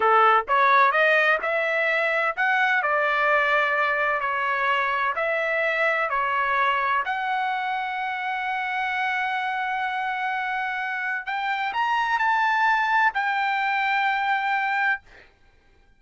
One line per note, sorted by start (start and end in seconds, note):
0.00 0.45 A4
0.48 0.91 C#5
0.91 1.38 D#5
1.41 2.35 E5
2.36 2.82 F#5
2.82 4.20 D5
4.20 5.14 C#5
5.15 6.09 E5
6.09 7.03 C#5
7.05 11.26 F#5
11.26 11.73 G5
11.73 12.19 A#5
12.19 13.12 A5
13.14 15.01 G5